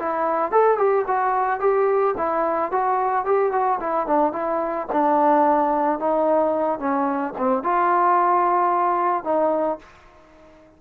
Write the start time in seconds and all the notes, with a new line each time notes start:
0.00 E4
0.52 A4
0.78 G4
1.08 F#4
1.61 G4
2.17 E4
2.72 F#4
3.26 G4
3.53 F#4
3.80 E4
4.07 D4
4.33 E4
4.93 D4
6.00 D#4
6.80 C#4
7.38 C4
7.64 F4
9.25 D#4